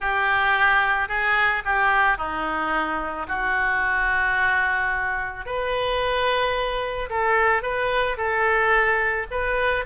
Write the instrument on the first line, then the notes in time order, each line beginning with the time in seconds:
oboe
0.00 G4
1.08 G#4
1.64 G4
2.17 D#4
3.28 F#4
5.45 B4
7.09 A4
7.62 B4
8.17 A4
9.30 B4